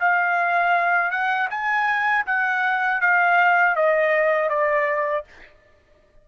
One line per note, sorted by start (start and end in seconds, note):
0.00 1.11 F5
1.11 1.49 F#5
1.50 2.25 G#5
2.26 3.01 F#5
3.01 3.76 F5
3.76 4.50 D#5
4.50 5.25 D5